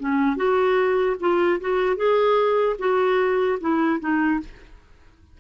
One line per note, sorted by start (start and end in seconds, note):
0.00 0.37 C#4
0.37 1.17 F#4
1.20 1.60 F4
1.61 1.97 F#4
1.97 2.77 G#4
2.79 3.59 F#4
3.61 4.00 E4
4.00 4.40 D#4